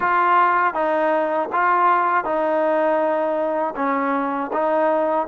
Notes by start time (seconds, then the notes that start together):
0.00 F4
0.74 D#4
1.52 F4
2.24 D#4
3.75 C#4
4.52 D#4